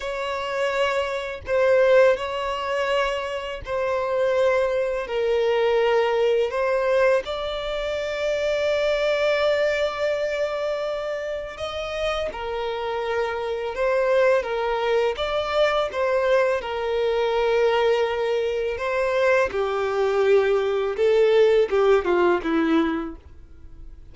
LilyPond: \new Staff \with { instrumentName = "violin" } { \time 4/4 \tempo 4 = 83 cis''2 c''4 cis''4~ | cis''4 c''2 ais'4~ | ais'4 c''4 d''2~ | d''1 |
dis''4 ais'2 c''4 | ais'4 d''4 c''4 ais'4~ | ais'2 c''4 g'4~ | g'4 a'4 g'8 f'8 e'4 | }